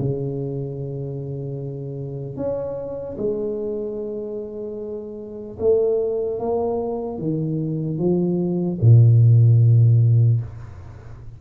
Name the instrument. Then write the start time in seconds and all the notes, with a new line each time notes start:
tuba
0.00 C#3
2.37 C#4
3.18 G#3
5.60 A3
6.40 A#3
7.19 D#3
7.99 F3
8.81 A#2